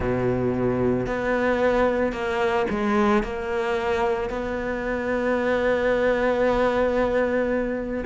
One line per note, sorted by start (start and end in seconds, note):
0.00 1.06 B2
1.06 2.12 B3
2.12 2.65 A#3
2.70 3.23 G#3
3.23 4.29 A#3
4.29 8.04 B3